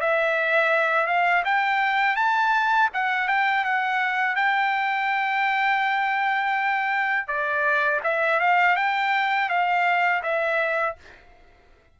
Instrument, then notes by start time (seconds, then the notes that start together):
trumpet
0.00 E5
1.06 F5
1.44 G5
2.16 A5
2.93 F#5
3.28 G5
3.64 F#5
4.35 G5
7.27 D5
8.03 E5
8.40 F5
8.76 G5
9.49 F5
10.22 E5